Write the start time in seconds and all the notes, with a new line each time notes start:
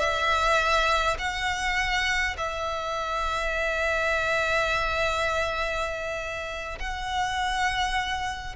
0.00 E5
1.19 F#5
2.38 E5
6.80 F#5